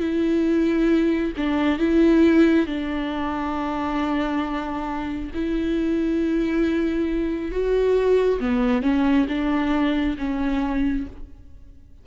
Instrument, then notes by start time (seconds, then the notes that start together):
viola
0.00 E4
1.37 D4
1.79 E4
2.67 D4
5.34 E4
7.52 F#4
8.40 B3
8.82 C#4
9.28 D4
10.18 C#4